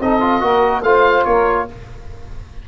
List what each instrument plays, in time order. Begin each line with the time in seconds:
0.00 tuba C4, trombone D#4, saxophone A4, oboe D#5
0.21 trombone F4
0.40 tuba A#3, trombone F#4, saxophone A#4
0.82 tuba A3, trombone F4, saxophone C5, oboe F5
1.24 tuba A#3, saxophone A#4, oboe C#5